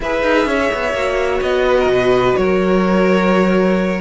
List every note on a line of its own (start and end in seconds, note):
0.00 0.22 E4
0.00 0.95 G#4
0.00 0.47 B4
0.00 1.41 E5
0.22 0.45 D#4
0.45 0.69 C#4
0.45 1.65 C#5
0.73 0.93 B3
0.93 1.40 A#3
0.93 4.00 F#4
1.41 1.86 B3
1.41 2.36 D#5
1.65 1.77 B4
1.79 1.91 A#4
1.86 2.33 B2
1.86 2.39 B4
2.36 4.00 F#3
2.36 4.00 A#4
2.36 4.00 C#5